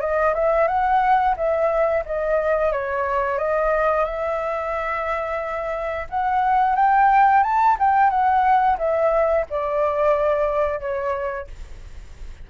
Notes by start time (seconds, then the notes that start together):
0.00 D#5
0.34 E5
0.67 F#5
1.36 E5
2.05 D#5
2.72 C#5
3.38 D#5
4.04 E5
6.09 F#5
6.75 G5
7.43 A5
7.79 G5
8.10 F#5
8.78 E5
9.49 D5
10.80 C#5